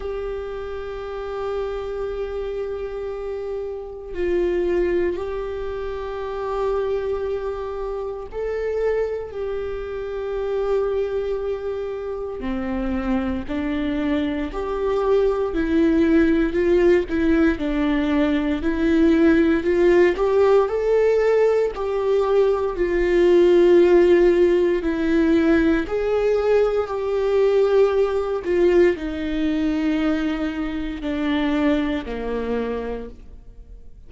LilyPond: \new Staff \with { instrumentName = "viola" } { \time 4/4 \tempo 4 = 58 g'1 | f'4 g'2. | a'4 g'2. | c'4 d'4 g'4 e'4 |
f'8 e'8 d'4 e'4 f'8 g'8 | a'4 g'4 f'2 | e'4 gis'4 g'4. f'8 | dis'2 d'4 ais4 | }